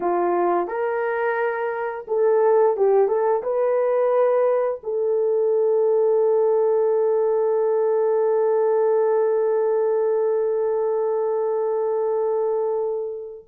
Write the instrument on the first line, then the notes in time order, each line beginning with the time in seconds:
horn
0.00 F4
0.67 A#4
2.07 A4
2.76 G4
3.08 A4
3.43 B4
4.83 A4